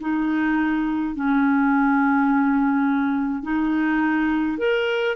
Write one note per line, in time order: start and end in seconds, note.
0.00 1.15 D#4
1.15 3.42 C#4
3.42 4.57 D#4
4.57 5.15 A#4